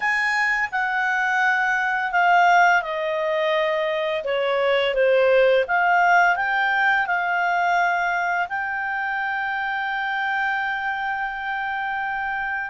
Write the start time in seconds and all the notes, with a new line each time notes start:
0.00 G#5
0.71 F#5
2.11 F5
2.82 D#5
4.24 C#5
4.94 C5
5.67 F5
6.36 G5
7.06 F5
8.48 G5